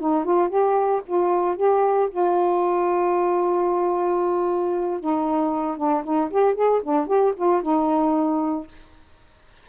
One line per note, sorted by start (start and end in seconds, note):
0.00 0.25 D#4
0.25 0.49 F4
0.49 1.02 G4
1.06 1.56 F4
1.56 2.09 G4
2.11 5.00 F4
5.00 5.77 D#4
5.77 6.03 D4
6.04 6.30 D#4
6.31 6.55 G4
6.55 6.81 G#4
6.83 7.07 D4
7.07 7.33 G4
7.36 7.62 F4
7.62 8.68 D#4